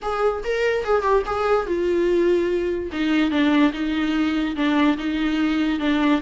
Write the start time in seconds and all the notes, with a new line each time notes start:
0.02 G#4
0.44 A#4
0.84 G#4
1.02 G4
1.25 G#4
1.66 F4
2.92 D#4
3.30 D4
3.72 D#4
4.56 D4
4.97 D#4
5.79 D4